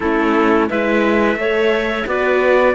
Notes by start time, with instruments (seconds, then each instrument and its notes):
0.00 cello A3, viola C#4, clarinet E4, trumpet A4
0.69 cello G#3, viola E4, clarinet B4, trumpet E5
1.35 cello A3, viola A4, clarinet C#5
2.06 cello B3, viola F#4, clarinet B4, trumpet D5